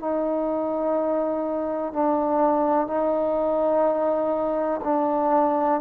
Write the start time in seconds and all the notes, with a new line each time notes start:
0.00 D#4
1.94 D4
2.87 D#4
4.84 D4